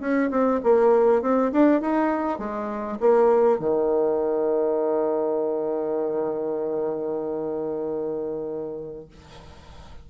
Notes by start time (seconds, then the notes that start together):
0.00 C#4
0.31 C4
0.63 A#3
1.22 C4
1.52 D4
1.81 D#4
2.39 G#3
3.00 A#3
3.59 D#3